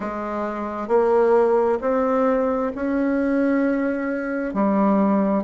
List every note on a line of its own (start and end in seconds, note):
0.00 0.88 G#3
0.88 1.79 A#3
1.81 2.71 C4
2.75 4.54 C#4
4.54 5.43 G3